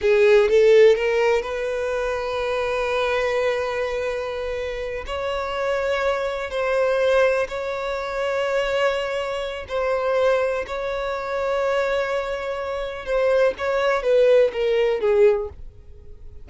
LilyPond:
\new Staff \with { instrumentName = "violin" } { \time 4/4 \tempo 4 = 124 gis'4 a'4 ais'4 b'4~ | b'1~ | b'2~ b'8 cis''4.~ | cis''4. c''2 cis''8~ |
cis''1 | c''2 cis''2~ | cis''2. c''4 | cis''4 b'4 ais'4 gis'4 | }